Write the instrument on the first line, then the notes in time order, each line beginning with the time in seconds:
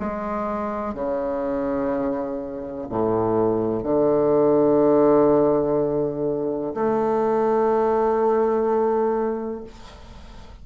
bassoon
0.00 G#3
0.95 C#3
2.90 A2
3.84 D3
6.74 A3